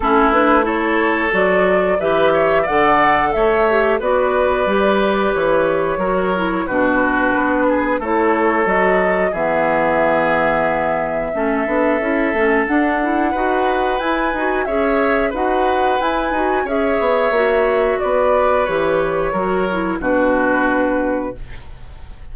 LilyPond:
<<
  \new Staff \with { instrumentName = "flute" } { \time 4/4 \tempo 4 = 90 a'8 b'8 cis''4 d''4 e''4 | fis''4 e''4 d''2 | cis''2 b'2 | cis''4 dis''4 e''2~ |
e''2. fis''4~ | fis''4 gis''4 e''4 fis''4 | gis''4 e''2 d''4 | cis''2 b'2 | }
  \new Staff \with { instrumentName = "oboe" } { \time 4/4 e'4 a'2 b'8 cis''8 | d''4 cis''4 b'2~ | b'4 ais'4 fis'4. gis'8 | a'2 gis'2~ |
gis'4 a'2. | b'2 cis''4 b'4~ | b'4 cis''2 b'4~ | b'4 ais'4 fis'2 | }
  \new Staff \with { instrumentName = "clarinet" } { \time 4/4 cis'8 d'8 e'4 fis'4 g'4 | a'4. g'8 fis'4 g'4~ | g'4 fis'8 e'8 d'2 | e'4 fis'4 b2~ |
b4 cis'8 d'8 e'8 cis'8 d'8 e'8 | fis'4 e'8 fis'8 gis'4 fis'4 | e'8 fis'8 gis'4 fis'2 | g'4 fis'8 e'8 d'2 | }
  \new Staff \with { instrumentName = "bassoon" } { \time 4/4 a2 fis4 e4 | d4 a4 b4 g4 | e4 fis4 b,4 b4 | a4 fis4 e2~ |
e4 a8 b8 cis'8 a8 d'4 | dis'4 e'8 dis'8 cis'4 dis'4 | e'8 dis'8 cis'8 b8 ais4 b4 | e4 fis4 b,2 | }
>>